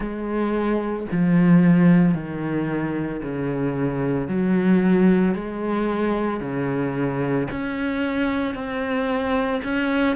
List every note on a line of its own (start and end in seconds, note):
0.00 1.06 G#3
1.11 2.14 F3
2.14 3.21 D#3
3.22 4.28 C#3
4.28 5.34 F#3
5.34 6.40 G#3
6.40 7.47 C#3
7.50 8.54 C#4
8.54 9.61 C4
9.63 10.16 C#4